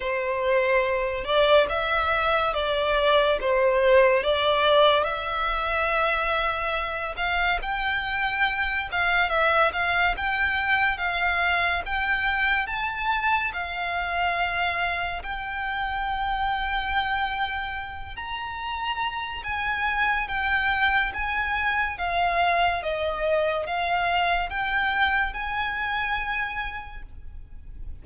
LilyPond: \new Staff \with { instrumentName = "violin" } { \time 4/4 \tempo 4 = 71 c''4. d''8 e''4 d''4 | c''4 d''4 e''2~ | e''8 f''8 g''4. f''8 e''8 f''8 | g''4 f''4 g''4 a''4 |
f''2 g''2~ | g''4. ais''4. gis''4 | g''4 gis''4 f''4 dis''4 | f''4 g''4 gis''2 | }